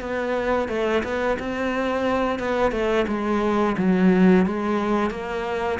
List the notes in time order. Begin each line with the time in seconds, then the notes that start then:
0.00 B3
0.68 A3
1.03 B3
1.39 C4
2.39 B3
2.71 A3
3.07 G#3
3.77 F#3
4.46 G#3
5.10 A#3